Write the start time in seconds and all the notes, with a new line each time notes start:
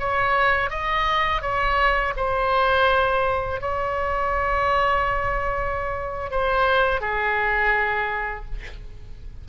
0.00 C#5
0.71 D#5
1.42 C#5
2.17 C5
3.61 C#5
6.31 C5
7.01 G#4